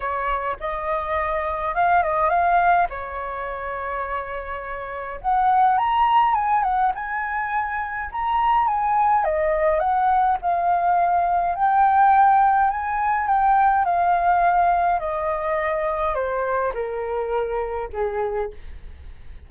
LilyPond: \new Staff \with { instrumentName = "flute" } { \time 4/4 \tempo 4 = 104 cis''4 dis''2 f''8 dis''8 | f''4 cis''2.~ | cis''4 fis''4 ais''4 gis''8 fis''8 | gis''2 ais''4 gis''4 |
dis''4 fis''4 f''2 | g''2 gis''4 g''4 | f''2 dis''2 | c''4 ais'2 gis'4 | }